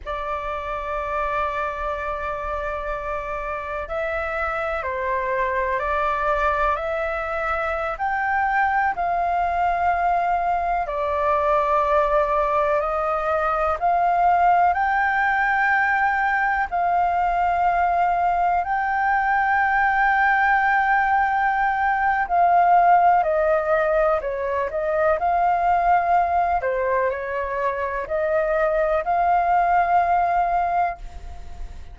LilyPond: \new Staff \with { instrumentName = "flute" } { \time 4/4 \tempo 4 = 62 d''1 | e''4 c''4 d''4 e''4~ | e''16 g''4 f''2 d''8.~ | d''4~ d''16 dis''4 f''4 g''8.~ |
g''4~ g''16 f''2 g''8.~ | g''2. f''4 | dis''4 cis''8 dis''8 f''4. c''8 | cis''4 dis''4 f''2 | }